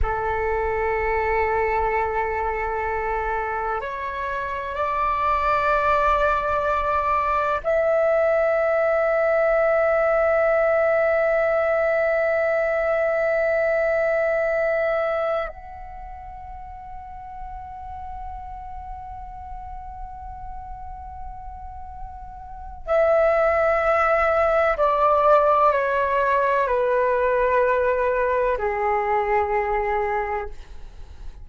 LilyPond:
\new Staff \with { instrumentName = "flute" } { \time 4/4 \tempo 4 = 63 a'1 | cis''4 d''2. | e''1~ | e''1~ |
e''16 fis''2.~ fis''8.~ | fis''1 | e''2 d''4 cis''4 | b'2 gis'2 | }